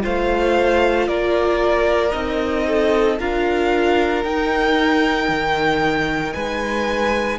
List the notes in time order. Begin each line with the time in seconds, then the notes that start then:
0.00 A3 F4 C5 F5
1.08 A#3 A#4 D5
2.12 C4 D#4 D#5
2.67 A4
3.19 D4 F4 A#4 F5
4.24 D#4 G5
5.28 D#3
6.33 G#3 B4 G#5